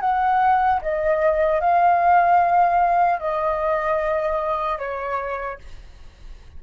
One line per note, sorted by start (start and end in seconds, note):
0.00 0.80 F#5
0.81 1.60 D#5
1.60 3.19 F5
3.19 4.78 D#5
4.78 5.58 C#5